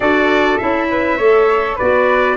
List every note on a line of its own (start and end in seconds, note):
0.00 0.57 D4
0.00 0.59 F#4
0.00 0.87 A4
0.00 0.58 D5
0.58 1.18 C#4
0.58 1.19 E4
0.58 1.77 E5
0.89 1.17 B4
1.17 1.77 A3
1.17 1.79 A4
1.17 1.76 C#5
1.76 2.37 B3
1.76 2.37 F#4
1.76 2.35 B4
1.76 2.37 D5